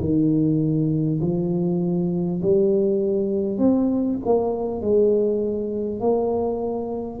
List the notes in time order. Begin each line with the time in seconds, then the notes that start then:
0.00 D#3
1.21 F3
2.42 G3
3.57 C4
4.25 A#3
4.81 G#3
6.00 A#3